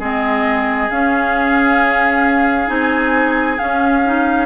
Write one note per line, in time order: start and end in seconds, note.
0.00 0.90 G#3
0.00 0.91 C4
0.00 4.46 G#4
0.00 0.91 D#5
0.91 2.69 C#4
0.91 2.67 C#4
0.91 2.69 F5
2.67 3.59 C4
2.67 3.57 D#4
2.67 3.59 G#5
3.59 4.03 C#4
3.59 4.46 C#4
3.59 4.46 F5
4.05 4.46 D#4